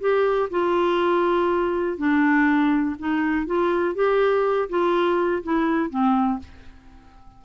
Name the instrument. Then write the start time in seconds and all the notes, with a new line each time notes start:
clarinet
0.00 G4
0.51 F4
1.98 D4
2.99 D#4
3.46 F4
3.95 G4
4.69 F4
5.43 E4
5.90 C4